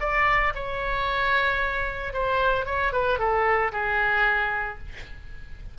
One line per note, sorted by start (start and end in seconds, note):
0.00 0.53 D5
0.55 2.13 C#5
2.13 2.66 C5
2.66 2.92 C#5
2.93 3.19 B4
3.19 3.72 A4
3.72 4.78 G#4